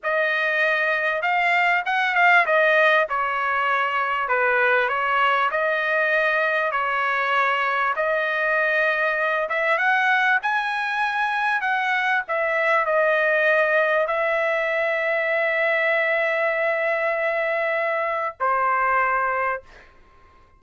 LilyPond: \new Staff \with { instrumentName = "trumpet" } { \time 4/4 \tempo 4 = 98 dis''2 f''4 fis''8 f''8 | dis''4 cis''2 b'4 | cis''4 dis''2 cis''4~ | cis''4 dis''2~ dis''8 e''8 |
fis''4 gis''2 fis''4 | e''4 dis''2 e''4~ | e''1~ | e''2 c''2 | }